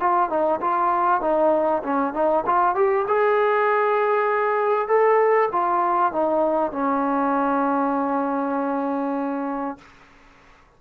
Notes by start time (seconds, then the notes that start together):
0.00 F4
0.29 D#4
0.61 F4
1.21 D#4
1.83 C#4
2.14 D#4
2.46 F4
2.76 G4
3.08 G#4
4.88 A4
5.52 F4
6.13 D#4
6.72 C#4